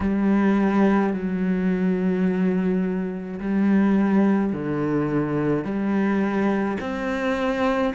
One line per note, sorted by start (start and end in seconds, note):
0.00 1.13 G3
1.13 3.39 F#3
3.40 4.53 G3
4.53 5.64 D3
5.64 6.77 G3
6.80 7.93 C4